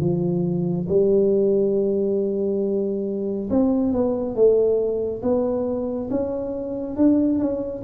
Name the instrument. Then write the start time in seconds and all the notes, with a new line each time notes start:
tuba
0.00 F3
0.89 G3
3.50 C4
3.93 B3
4.35 A3
5.23 B3
6.10 C#4
6.96 D4
7.39 C#4